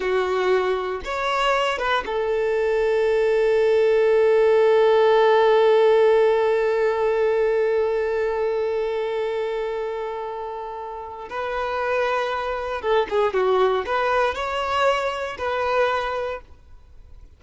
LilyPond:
\new Staff \with { instrumentName = "violin" } { \time 4/4 \tempo 4 = 117 fis'2 cis''4. b'8 | a'1~ | a'1~ | a'1~ |
a'1~ | a'2 b'2~ | b'4 a'8 gis'8 fis'4 b'4 | cis''2 b'2 | }